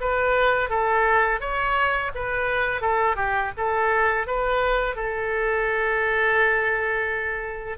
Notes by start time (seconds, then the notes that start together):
0.00 B4
0.69 A4
1.40 C#5
2.15 B4
2.81 A4
3.16 G4
3.57 A4
4.26 B4
4.95 A4